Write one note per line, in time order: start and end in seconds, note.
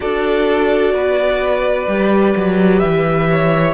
0.00 0.93 D4
0.00 1.86 F#4
0.00 0.94 A4
0.00 2.79 D5
0.93 1.87 B3
0.93 3.28 B4
1.87 2.34 G3
1.87 3.74 G4
2.36 2.82 F#3
2.79 3.74 E3
2.79 3.72 E5
3.30 3.74 C#5